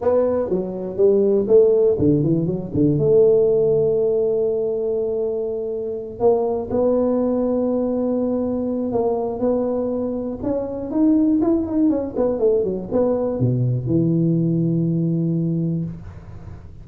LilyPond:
\new Staff \with { instrumentName = "tuba" } { \time 4/4 \tempo 4 = 121 b4 fis4 g4 a4 | d8 e8 fis8 d8 a2~ | a1~ | a8 ais4 b2~ b8~ |
b2 ais4 b4~ | b4 cis'4 dis'4 e'8 dis'8 | cis'8 b8 a8 fis8 b4 b,4 | e1 | }